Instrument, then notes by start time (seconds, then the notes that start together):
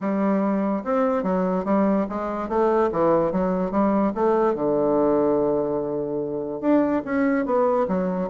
bassoon
0.00 G3
0.84 C4
1.23 F#3
1.65 G3
2.09 G#3
2.48 A3
2.92 E3
3.32 F#3
3.71 G3
4.15 A3
4.54 D3
6.61 D4
7.05 C#4
7.45 B3
7.88 F#3